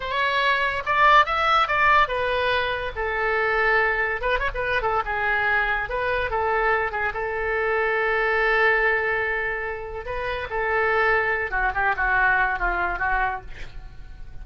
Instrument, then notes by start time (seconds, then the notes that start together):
oboe
0.00 C#5
0.85 D5
1.25 E5
1.67 D5
2.08 B4
2.95 A4
4.21 B4
4.39 C#5
4.54 B4
4.82 A4
5.05 G#4
5.89 B4
6.30 A4
6.91 G#4
7.13 A4
10.05 B4
10.50 A4
11.50 F#4
11.74 G4
11.96 F#4
12.59 F4
12.99 F#4